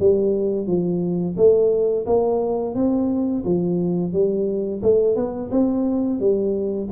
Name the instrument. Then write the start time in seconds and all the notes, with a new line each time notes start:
tuba
0.00 G3
0.67 F3
1.37 A3
2.06 A#3
2.75 C4
3.45 F3
4.13 G3
4.83 A3
5.16 B3
5.51 C4
6.20 G3